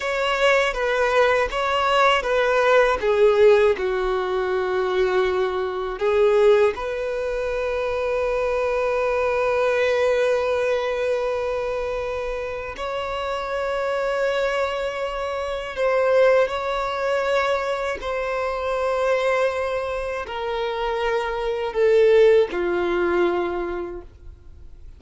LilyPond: \new Staff \with { instrumentName = "violin" } { \time 4/4 \tempo 4 = 80 cis''4 b'4 cis''4 b'4 | gis'4 fis'2. | gis'4 b'2.~ | b'1~ |
b'4 cis''2.~ | cis''4 c''4 cis''2 | c''2. ais'4~ | ais'4 a'4 f'2 | }